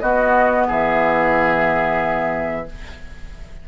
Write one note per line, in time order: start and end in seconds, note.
0.00 0.68 B3
0.00 2.66 B3
0.00 0.68 F#4
0.00 0.66 D#5
0.68 2.67 E3
0.68 2.66 G#4
0.68 2.69 E5